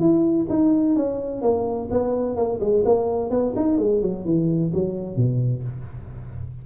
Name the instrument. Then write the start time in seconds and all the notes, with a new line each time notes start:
tuba
0.00 E4
0.50 D#4
0.96 C#4
1.42 A#3
1.91 B3
2.36 A#3
2.61 G#3
2.86 A#3
3.30 B3
3.56 D#4
3.79 G#3
4.02 F#3
4.25 E3
4.74 F#3
5.16 B2